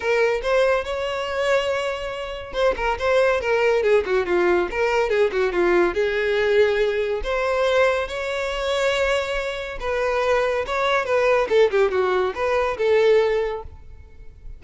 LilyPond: \new Staff \with { instrumentName = "violin" } { \time 4/4 \tempo 4 = 141 ais'4 c''4 cis''2~ | cis''2 c''8 ais'8 c''4 | ais'4 gis'8 fis'8 f'4 ais'4 | gis'8 fis'8 f'4 gis'2~ |
gis'4 c''2 cis''4~ | cis''2. b'4~ | b'4 cis''4 b'4 a'8 g'8 | fis'4 b'4 a'2 | }